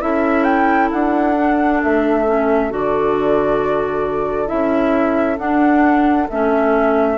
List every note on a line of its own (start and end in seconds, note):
0.00 0.91 C#4
0.00 1.34 E4
0.00 7.17 A4
0.00 0.44 E5
0.44 0.88 G5
0.91 1.83 D4
0.91 1.81 F#5
1.36 2.25 D4
1.83 2.72 A3
1.83 2.73 E5
2.26 2.70 C#4
2.70 4.51 D3
2.70 4.47 F#4
2.70 4.48 D5
4.47 5.38 C#4
4.47 5.36 E4
4.47 5.37 E5
5.38 6.28 D4
5.38 6.28 F#5
6.29 7.17 A3
6.29 7.17 C#4
6.29 7.17 E5